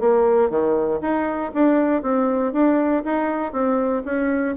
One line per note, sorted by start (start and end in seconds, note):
0.00 0.50 A#3
0.50 1.00 D#3
1.01 1.51 D#4
1.54 2.02 D4
2.02 2.53 C4
2.53 3.03 D4
3.04 3.52 D#4
3.52 4.02 C4
4.05 4.56 C#4